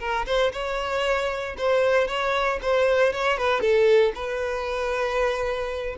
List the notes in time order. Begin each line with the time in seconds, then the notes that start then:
0.00 A#4
0.26 C5
0.53 C#5
1.58 C5
2.08 C#5
2.63 C5
3.13 C#5
3.38 B4
3.61 A4
4.15 B4